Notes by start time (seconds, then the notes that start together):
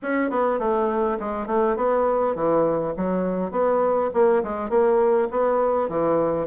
0.02 C#4
0.30 B3
0.59 A3
1.19 G#3
1.47 A3
1.76 B3
2.35 E3
2.96 F#3
3.51 B3
4.13 A#3
4.43 G#3
4.69 A#3
5.30 B3
5.89 E3